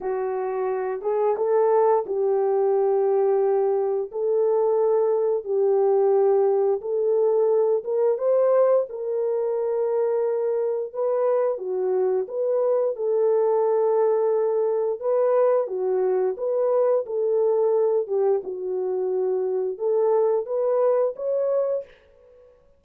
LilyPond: \new Staff \with { instrumentName = "horn" } { \time 4/4 \tempo 4 = 88 fis'4. gis'8 a'4 g'4~ | g'2 a'2 | g'2 a'4. ais'8 | c''4 ais'2. |
b'4 fis'4 b'4 a'4~ | a'2 b'4 fis'4 | b'4 a'4. g'8 fis'4~ | fis'4 a'4 b'4 cis''4 | }